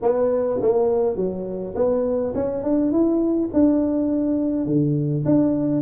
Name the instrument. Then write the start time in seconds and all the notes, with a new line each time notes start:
tuba
0.02 B3
0.61 A#3
1.16 F#3
1.75 B3
2.35 C#4
2.63 D4
2.91 E4
3.53 D4
4.65 D3
5.25 D4